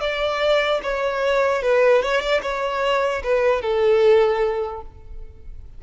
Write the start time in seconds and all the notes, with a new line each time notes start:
0.00 D5
0.83 C#5
1.62 B4
2.02 C#5
2.21 D5
2.42 C#5
3.23 B4
3.61 A4